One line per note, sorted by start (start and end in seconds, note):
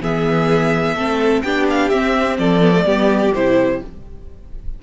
0.00 0.94 E3
0.00 0.96 B3
0.00 0.95 G#4
0.00 1.42 E5
0.94 1.42 A3
0.94 1.44 C4
0.94 1.43 A4
1.42 1.91 B3
1.42 1.92 D4
1.42 2.38 G4
1.42 1.65 G5
1.69 1.89 F5
1.89 2.61 C4
1.89 2.38 C4
1.89 2.36 E5
2.38 2.85 F3
2.38 2.84 A4
2.38 3.33 D5
2.61 2.72 B3
2.72 2.84 A3
2.84 3.32 G3
2.84 3.33 B3
2.84 3.79 G4
3.34 3.81 C3
3.34 3.82 E4
3.34 3.81 C5